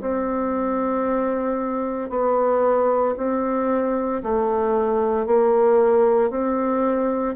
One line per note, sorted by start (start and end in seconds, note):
0.00 2.10 C4
2.10 3.15 B3
3.17 4.22 C4
4.22 5.26 A3
5.26 6.30 A#3
6.30 7.35 C4